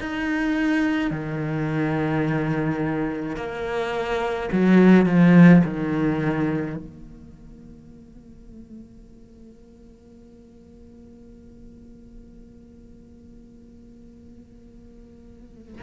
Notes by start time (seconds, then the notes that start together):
0.00 D#4
1.10 D#3
3.36 A#3
4.52 F#3
5.05 F3
5.64 D#3
6.76 A#3